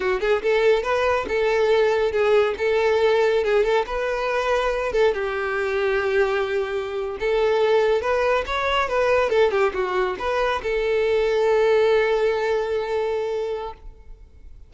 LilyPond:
\new Staff \with { instrumentName = "violin" } { \time 4/4 \tempo 4 = 140 fis'8 gis'8 a'4 b'4 a'4~ | a'4 gis'4 a'2 | gis'8 a'8 b'2~ b'8 a'8 | g'1~ |
g'8. a'2 b'4 cis''16~ | cis''8. b'4 a'8 g'8 fis'4 b'16~ | b'8. a'2.~ a'16~ | a'1 | }